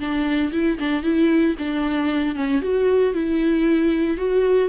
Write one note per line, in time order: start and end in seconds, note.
0.00 0.52 D4
0.52 0.78 E4
0.80 1.03 D4
1.03 1.56 E4
1.59 2.36 D4
2.36 2.62 C#4
2.62 3.14 F#4
3.14 4.18 E4
4.18 4.69 F#4